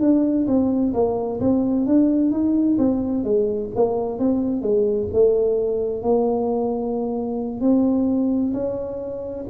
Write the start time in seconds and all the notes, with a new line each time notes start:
0.00 D4
0.47 C4
0.93 A#3
1.40 C4
1.86 D4
2.31 D#4
2.78 C4
3.23 G#3
3.75 A#3
4.19 C4
4.62 G#3
5.13 A3
6.02 A#3
7.60 C4
8.53 C#4